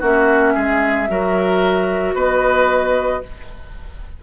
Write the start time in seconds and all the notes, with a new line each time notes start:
0.00 A#3 C#4 F#4 E5
0.55 G#3 G#4
1.09 F#3 F#4 A#4
2.15 B3 B4 D#5